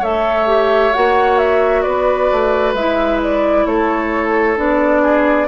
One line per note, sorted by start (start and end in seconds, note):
0.00 0.94 A3
0.00 0.47 A4
0.00 1.82 C#5
0.00 0.94 E5
0.47 0.92 G4
0.94 1.86 A#3
0.94 2.76 F#4
0.94 1.38 F#5
1.38 1.83 E5
1.83 2.31 B3
1.83 3.65 B4
1.83 2.73 D5
2.32 2.74 A3
2.74 3.65 G#3
2.74 4.57 E4
2.74 3.20 E5
3.23 3.67 D5
3.66 4.57 A3
3.66 5.02 A4
3.66 4.58 C#5
4.57 5.48 B3
4.57 5.48 D4
4.57 5.48 D5
5.02 5.48 G#4